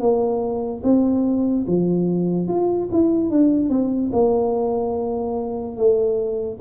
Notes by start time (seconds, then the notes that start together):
0.00 A#3
0.84 C4
1.67 F3
2.48 F4
2.92 E4
3.31 D4
3.70 C4
4.13 A#3
5.77 A3